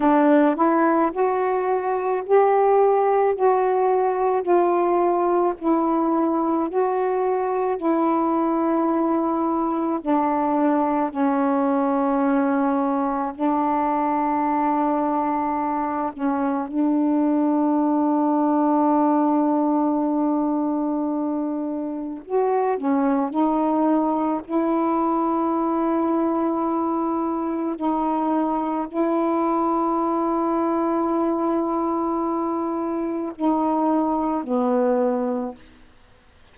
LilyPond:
\new Staff \with { instrumentName = "saxophone" } { \time 4/4 \tempo 4 = 54 d'8 e'8 fis'4 g'4 fis'4 | f'4 e'4 fis'4 e'4~ | e'4 d'4 cis'2 | d'2~ d'8 cis'8 d'4~ |
d'1 | fis'8 cis'8 dis'4 e'2~ | e'4 dis'4 e'2~ | e'2 dis'4 b4 | }